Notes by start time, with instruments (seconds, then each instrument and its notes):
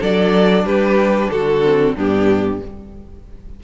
0.00 cello F#3, viola D4, violin A4 D5
0.65 cello G3, violin G4 B4
1.30 cello D3, violin F#4 A4
1.64 viola C4
1.96 cello G2, viola B3, violin D4 G4